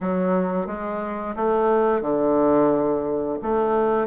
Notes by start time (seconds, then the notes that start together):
0.01 F#3
0.67 G#3
1.36 A3
2.01 D3
3.42 A3